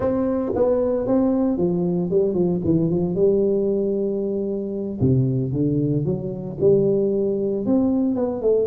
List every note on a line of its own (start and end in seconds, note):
0.00 0.52 C4
0.55 1.06 B3
1.06 1.57 C4
1.57 2.10 F3
2.10 2.33 G3
2.33 2.60 F3
2.64 2.90 E3
2.90 3.15 F3
3.15 4.99 G3
5.00 5.52 C3
5.52 6.05 D3
6.05 6.57 F#3
6.60 7.66 G3
7.66 8.15 C4
8.15 8.41 B3
8.41 8.67 A3